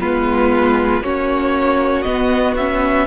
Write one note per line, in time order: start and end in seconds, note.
0.00 1.02 G#3
0.00 1.03 B3
0.00 1.04 F4
0.00 1.04 B4
1.02 2.05 A#3
1.02 2.06 C#4
1.02 3.07 F#4
1.02 2.03 C#5
2.03 2.57 B3
2.03 3.07 B3
2.03 2.55 D#5
2.57 3.07 C#4
2.57 3.07 E5